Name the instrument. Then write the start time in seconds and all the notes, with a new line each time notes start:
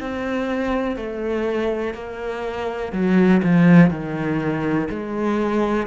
cello
0.00 C4
0.97 A3
1.94 A#3
2.92 F#3
3.43 F3
3.90 D#3
4.90 G#3